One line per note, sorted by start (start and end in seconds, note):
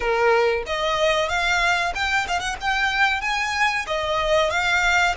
0.00 0.63 A#4
0.66 1.28 D#5
1.28 1.93 F5
1.94 2.26 G5
2.27 2.39 F5
2.39 2.55 F#5
2.60 3.21 G5
3.21 3.85 G#5
3.87 4.50 D#5
4.50 5.14 F5